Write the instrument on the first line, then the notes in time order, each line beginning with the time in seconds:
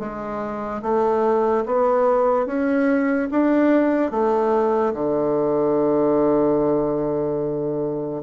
bassoon
0.00 G#3
0.83 A3
1.66 B3
2.47 C#4
3.32 D4
4.12 A3
4.94 D3